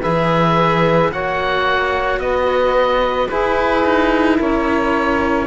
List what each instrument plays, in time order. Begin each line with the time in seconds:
0.00 cello E3 G#4, saxophone B4, oboe E5
1.12 cello A#3 F#4, saxophone C#5, oboe F#5
2.18 cello B3, saxophone B4, oboe D#5
3.28 cello E4, saxophone G#4, oboe B4
3.85 cello D#4
4.37 cello C#4, saxophone A#4, oboe C#5